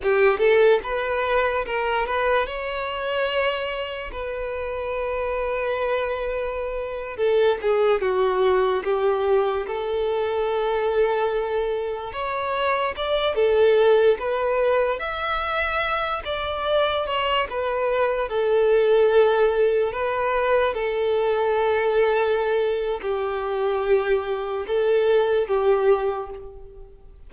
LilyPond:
\new Staff \with { instrumentName = "violin" } { \time 4/4 \tempo 4 = 73 g'8 a'8 b'4 ais'8 b'8 cis''4~ | cis''4 b'2.~ | b'8. a'8 gis'8 fis'4 g'4 a'16~ | a'2~ a'8. cis''4 d''16~ |
d''16 a'4 b'4 e''4. d''16~ | d''8. cis''8 b'4 a'4.~ a'16~ | a'16 b'4 a'2~ a'8. | g'2 a'4 g'4 | }